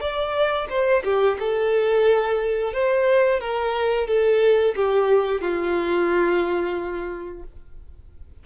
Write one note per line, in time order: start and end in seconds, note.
0.00 0.67 D5
0.69 1.03 C5
1.04 1.37 G4
1.39 2.73 A4
2.73 3.40 C5
3.40 4.07 A#4
4.07 4.74 A4
4.75 5.41 G4
5.41 7.43 F4